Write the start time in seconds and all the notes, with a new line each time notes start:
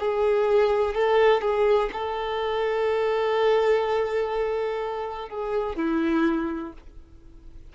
0.00 G#4
0.95 A4
1.42 G#4
1.93 A4
5.30 G#4
5.76 E4